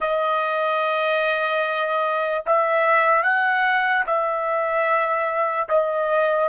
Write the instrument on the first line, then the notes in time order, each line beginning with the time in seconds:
trumpet
0.00 D#5
2.45 E5
3.23 F#5
4.06 E5
5.69 D#5